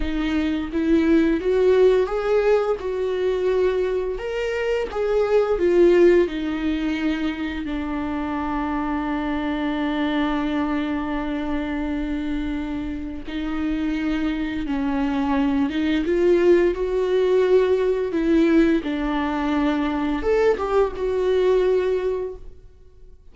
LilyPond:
\new Staff \with { instrumentName = "viola" } { \time 4/4 \tempo 4 = 86 dis'4 e'4 fis'4 gis'4 | fis'2 ais'4 gis'4 | f'4 dis'2 d'4~ | d'1~ |
d'2. dis'4~ | dis'4 cis'4. dis'8 f'4 | fis'2 e'4 d'4~ | d'4 a'8 g'8 fis'2 | }